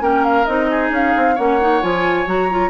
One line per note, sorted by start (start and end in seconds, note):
0.00 0.46 A#3
0.00 0.45 C#4
0.00 0.70 A#4
0.00 0.25 G5
0.25 0.45 F5
0.45 0.91 C4
0.45 1.37 D#4
0.45 0.90 D#5
0.70 1.35 G#4
0.91 1.13 C#4
0.91 1.37 F5
1.17 1.38 C4
1.35 1.83 A#3
1.35 1.60 C#4
1.35 2.70 C#5
1.35 1.82 F#5
1.60 1.81 D#4
1.81 2.27 F3
1.81 2.26 F4
1.81 2.28 G#5
2.26 2.70 F#3
2.26 2.49 F#4
2.26 2.70 A#5
2.51 2.70 F4